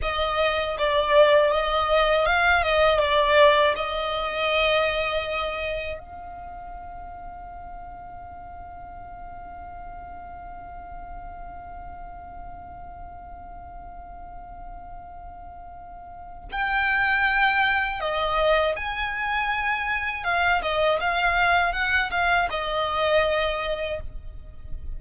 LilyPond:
\new Staff \with { instrumentName = "violin" } { \time 4/4 \tempo 4 = 80 dis''4 d''4 dis''4 f''8 dis''8 | d''4 dis''2. | f''1~ | f''1~ |
f''1~ | f''2 g''2 | dis''4 gis''2 f''8 dis''8 | f''4 fis''8 f''8 dis''2 | }